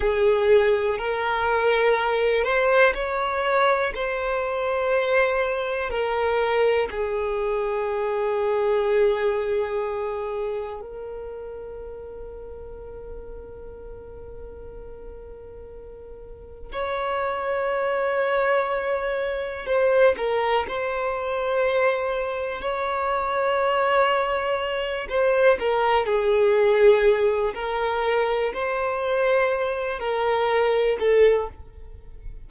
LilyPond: \new Staff \with { instrumentName = "violin" } { \time 4/4 \tempo 4 = 61 gis'4 ais'4. c''8 cis''4 | c''2 ais'4 gis'4~ | gis'2. ais'4~ | ais'1~ |
ais'4 cis''2. | c''8 ais'8 c''2 cis''4~ | cis''4. c''8 ais'8 gis'4. | ais'4 c''4. ais'4 a'8 | }